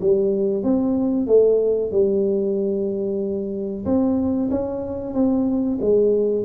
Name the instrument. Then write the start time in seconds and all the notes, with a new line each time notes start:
tuba
0.00 G3
0.63 C4
1.26 A3
1.91 G3
3.85 C4
4.50 C#4
5.13 C4
5.81 G#3